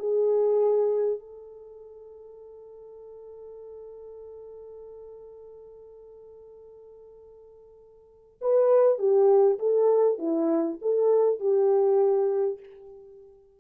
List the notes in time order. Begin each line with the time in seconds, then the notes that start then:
0.00 G#4
1.20 A4
8.42 B4
8.99 G4
9.59 A4
10.19 E4
10.82 A4
11.40 G4